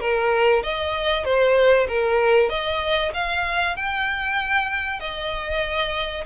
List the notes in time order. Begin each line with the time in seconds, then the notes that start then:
0.00 A#4
0.63 D#5
1.24 C5
1.88 A#4
2.49 D#5
3.14 F5
3.76 G5
5.00 D#5